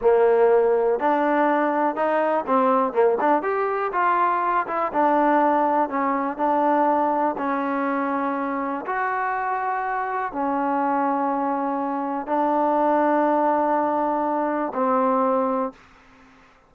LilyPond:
\new Staff \with { instrumentName = "trombone" } { \time 4/4 \tempo 4 = 122 ais2 d'2 | dis'4 c'4 ais8 d'8 g'4 | f'4. e'8 d'2 | cis'4 d'2 cis'4~ |
cis'2 fis'2~ | fis'4 cis'2.~ | cis'4 d'2.~ | d'2 c'2 | }